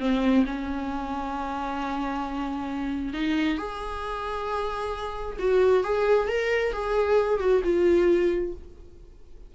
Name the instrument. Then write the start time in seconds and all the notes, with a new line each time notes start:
viola
0.00 C4
0.46 C#4
3.14 D#4
3.58 G#4
5.40 F#4
5.84 G#4
6.29 A#4
6.73 G#4
7.40 F#4
7.64 F4